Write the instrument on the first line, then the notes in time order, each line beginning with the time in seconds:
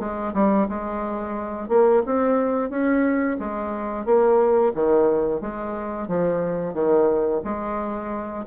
bassoon
0.00 G#3
0.34 G3
0.69 G#3
1.69 A#3
2.06 C4
2.70 C#4
3.40 G#3
4.06 A#3
4.74 D#3
5.41 G#3
6.08 F3
6.74 D#3
7.44 G#3